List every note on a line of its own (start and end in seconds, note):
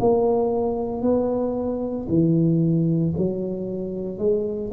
0.00 1.02 A#3
1.02 2.07 B3
2.09 3.14 E3
3.17 4.18 F#3
4.18 4.71 G#3